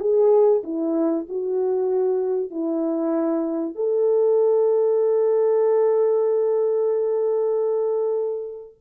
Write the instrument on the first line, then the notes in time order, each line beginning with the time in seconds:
horn
0.00 G#4
0.63 E4
1.28 F#4
2.50 E4
3.75 A4